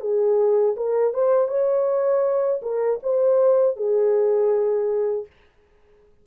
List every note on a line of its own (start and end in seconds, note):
0.00 0.75 G#4
0.76 1.13 A#4
1.13 1.48 C5
1.48 2.60 C#5
2.62 2.99 A#4
3.03 3.76 C5
3.76 5.26 G#4